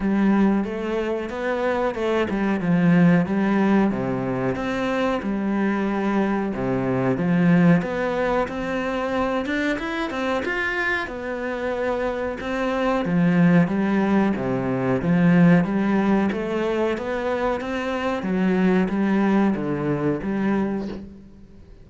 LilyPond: \new Staff \with { instrumentName = "cello" } { \time 4/4 \tempo 4 = 92 g4 a4 b4 a8 g8 | f4 g4 c4 c'4 | g2 c4 f4 | b4 c'4. d'8 e'8 c'8 |
f'4 b2 c'4 | f4 g4 c4 f4 | g4 a4 b4 c'4 | fis4 g4 d4 g4 | }